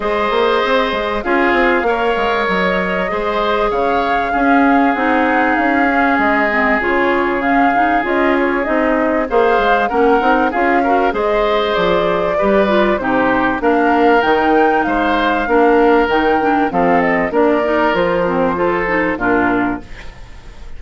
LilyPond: <<
  \new Staff \with { instrumentName = "flute" } { \time 4/4 \tempo 4 = 97 dis''2 f''2 | dis''2 f''2 | fis''4 f''4 dis''4 cis''4 | f''4 dis''8 cis''8 dis''4 f''4 |
fis''4 f''4 dis''4 d''4~ | d''4 c''4 f''4 g''4 | f''2 g''4 f''8 dis''8 | d''4 c''2 ais'4 | }
  \new Staff \with { instrumentName = "oboe" } { \time 4/4 c''2 gis'4 cis''4~ | cis''4 c''4 cis''4 gis'4~ | gis'1~ | gis'2. c''4 |
ais'4 gis'8 ais'8 c''2 | b'4 g'4 ais'2 | c''4 ais'2 a'4 | ais'2 a'4 f'4 | }
  \new Staff \with { instrumentName = "clarinet" } { \time 4/4 gis'2 f'4 ais'4~ | ais'4 gis'2 cis'4 | dis'4. cis'4 c'8 f'4 | cis'8 dis'8 f'4 dis'4 gis'4 |
cis'8 dis'8 f'8 fis'8 gis'2 | g'8 f'8 dis'4 d'4 dis'4~ | dis'4 d'4 dis'8 d'8 c'4 | d'8 dis'8 f'8 c'8 f'8 dis'8 d'4 | }
  \new Staff \with { instrumentName = "bassoon" } { \time 4/4 gis8 ais8 c'8 gis8 cis'8 c'8 ais8 gis8 | fis4 gis4 cis4 cis'4 | c'4 cis'4 gis4 cis4~ | cis4 cis'4 c'4 ais8 gis8 |
ais8 c'8 cis'4 gis4 f4 | g4 c4 ais4 dis4 | gis4 ais4 dis4 f4 | ais4 f2 ais,4 | }
>>